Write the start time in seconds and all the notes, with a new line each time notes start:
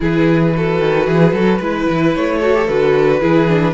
0.00 E3 E4 G#4 B4
0.55 F#4 A4
0.80 D#3
1.06 E3 G#4
1.32 F#3 A4
1.58 G#3 E4 B4
1.89 E3
2.15 A3 C#5
2.40 F#4 A4
2.54 G4
2.67 D3 F#4 B4
3.20 E3 E4 G#4
3.47 D4